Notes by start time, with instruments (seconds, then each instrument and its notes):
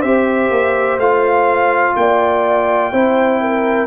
0.00 tuba C4, trombone G4, horn C5, trumpet E5
0.50 tuba A#3
0.97 tuba A3, trombone F4, trumpet F5
1.96 tuba A#3, horn D5, trumpet G5
2.92 tuba C4, trombone E4, horn C5
3.41 horn A#4